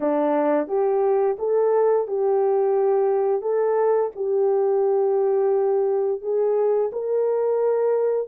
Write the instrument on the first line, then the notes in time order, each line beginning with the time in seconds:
horn
0.00 D4
0.67 G4
1.39 A4
2.07 G4
3.41 A4
4.15 G4
6.21 G#4
6.92 A#4